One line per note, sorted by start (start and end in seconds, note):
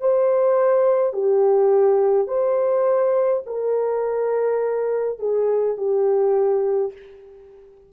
0.00 1.13 C5
1.13 2.28 G4
2.28 3.43 C5
3.46 5.19 A#4
5.19 5.77 G#4
5.77 6.92 G4